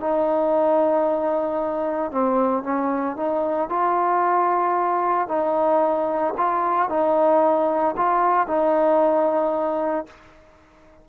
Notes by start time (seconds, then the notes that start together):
0.00 D#4
2.11 C4
2.63 C#4
3.17 D#4
3.69 F4
5.28 D#4
6.37 F4
6.89 D#4
7.97 F4
8.47 D#4